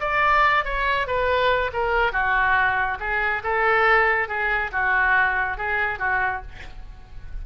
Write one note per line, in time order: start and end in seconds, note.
0.00 0.64 D5
0.64 1.07 C#5
1.07 1.71 B4
1.73 2.12 A#4
2.12 2.98 F#4
3.00 3.43 G#4
3.43 4.28 A4
4.28 4.71 G#4
4.72 5.57 F#4
5.57 5.99 G#4
5.99 6.41 F#4